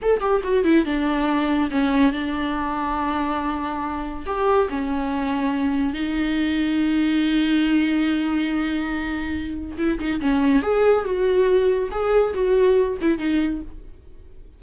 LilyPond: \new Staff \with { instrumentName = "viola" } { \time 4/4 \tempo 4 = 141 a'8 g'8 fis'8 e'8 d'2 | cis'4 d'2.~ | d'2 g'4 cis'4~ | cis'2 dis'2~ |
dis'1~ | dis'2. e'8 dis'8 | cis'4 gis'4 fis'2 | gis'4 fis'4. e'8 dis'4 | }